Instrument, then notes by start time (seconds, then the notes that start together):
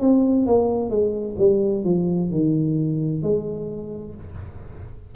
tuba
0.00 C4
0.46 A#3
0.89 G#3
1.38 G3
1.84 F3
2.30 D#3
3.22 G#3